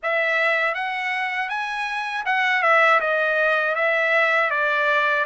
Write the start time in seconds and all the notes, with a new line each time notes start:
0.02 E5
0.74 F#5
1.49 G#5
2.25 F#5
2.62 E5
3.00 D#5
3.75 E5
4.50 D5